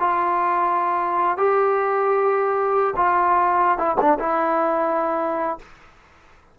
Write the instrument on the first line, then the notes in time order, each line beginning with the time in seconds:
trombone
0.00 F4
1.38 G4
2.97 F4
3.78 E4
4.01 D4
4.19 E4